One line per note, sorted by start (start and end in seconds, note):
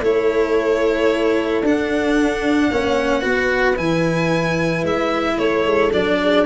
0.00 1.61 A3
0.00 1.63 E4
0.00 2.70 A4
0.00 1.65 C#5
1.62 2.69 D4
1.62 2.72 D4
1.62 3.77 F#5
2.70 3.24 A#3
2.70 3.21 C#4
2.70 3.20 C#5
3.20 3.77 B3
3.20 3.75 F#4
3.20 5.34 B4
3.76 4.83 E3
3.76 5.90 E4
3.76 4.84 G#5
4.83 5.37 G#3
4.83 5.38 E5
5.38 5.65 A3
5.38 6.19 A4
5.38 5.92 C#5
5.65 5.92 G#3
5.93 6.45 F#3
5.93 6.45 D4
5.93 6.45 D5
6.21 6.45 G#4